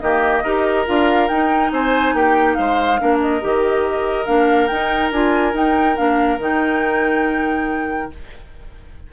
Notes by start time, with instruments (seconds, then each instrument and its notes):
0.00 bassoon D#3, clarinet A#3, oboe G4, flute D#5
0.44 bassoon D#4, clarinet G4, oboe A#4
0.86 bassoon D4, clarinet F4, flute F5
1.28 bassoon D#4, clarinet D#4, flute G5
1.72 bassoon C4, oboe C5, flute G#5
2.14 bassoon A#3, oboe G4, flute G5
2.54 bassoon G#3, oboe C5, flute F5
2.99 bassoon A#3, clarinet D4, oboe A#4
3.21 flute D#5
3.41 bassoon D#3, clarinet G4
4.26 bassoon A#3, clarinet D4, flute F5
4.67 bassoon D#4, clarinet D#4, flute G5
5.12 bassoon D4, clarinet F4, flute G#5
5.53 clarinet D#4, bassoon D#4, flute G5
5.96 bassoon A#3, clarinet D4, flute F5
6.38 bassoon D#3, clarinet D#4, flute G5